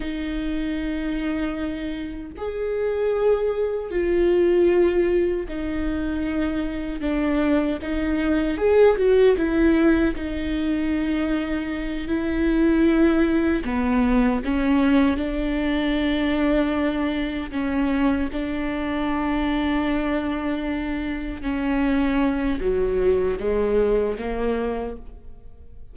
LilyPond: \new Staff \with { instrumentName = "viola" } { \time 4/4 \tempo 4 = 77 dis'2. gis'4~ | gis'4 f'2 dis'4~ | dis'4 d'4 dis'4 gis'8 fis'8 | e'4 dis'2~ dis'8 e'8~ |
e'4. b4 cis'4 d'8~ | d'2~ d'8 cis'4 d'8~ | d'2.~ d'8 cis'8~ | cis'4 fis4 gis4 ais4 | }